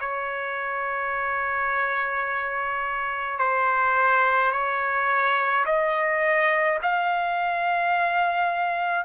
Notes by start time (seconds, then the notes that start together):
0.00 C#5
3.39 C5
4.52 C#5
5.66 D#5
6.83 F5